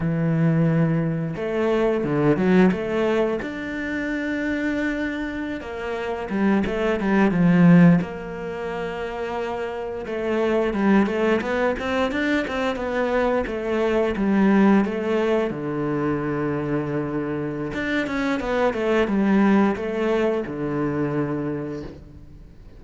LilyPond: \new Staff \with { instrumentName = "cello" } { \time 4/4 \tempo 4 = 88 e2 a4 d8 fis8 | a4 d'2.~ | d'16 ais4 g8 a8 g8 f4 ais16~ | ais2~ ais8. a4 g16~ |
g16 a8 b8 c'8 d'8 c'8 b4 a16~ | a8. g4 a4 d4~ d16~ | d2 d'8 cis'8 b8 a8 | g4 a4 d2 | }